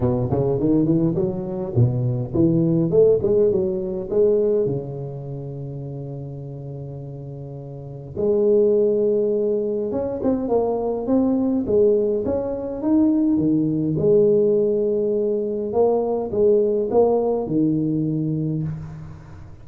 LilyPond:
\new Staff \with { instrumentName = "tuba" } { \time 4/4 \tempo 4 = 103 b,8 cis8 dis8 e8 fis4 b,4 | e4 a8 gis8 fis4 gis4 | cis1~ | cis2 gis2~ |
gis4 cis'8 c'8 ais4 c'4 | gis4 cis'4 dis'4 dis4 | gis2. ais4 | gis4 ais4 dis2 | }